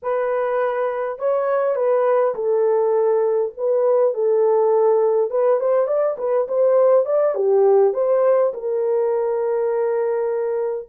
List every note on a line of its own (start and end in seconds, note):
0.02 1.18 B4
1.18 1.75 C#5
1.75 2.34 B4
2.34 3.52 A4
3.57 4.14 B4
4.14 5.30 A4
5.30 5.60 B4
5.60 5.87 C5
5.87 6.16 D5
6.17 6.47 B4
6.48 7.05 C5
7.05 7.34 D5
7.34 7.93 G4
7.93 8.52 C5
8.53 10.89 A#4